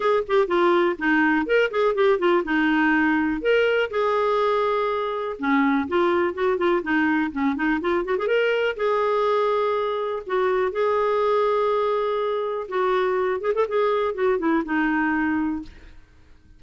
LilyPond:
\new Staff \with { instrumentName = "clarinet" } { \time 4/4 \tempo 4 = 123 gis'8 g'8 f'4 dis'4 ais'8 gis'8 | g'8 f'8 dis'2 ais'4 | gis'2. cis'4 | f'4 fis'8 f'8 dis'4 cis'8 dis'8 |
f'8 fis'16 gis'16 ais'4 gis'2~ | gis'4 fis'4 gis'2~ | gis'2 fis'4. gis'16 a'16 | gis'4 fis'8 e'8 dis'2 | }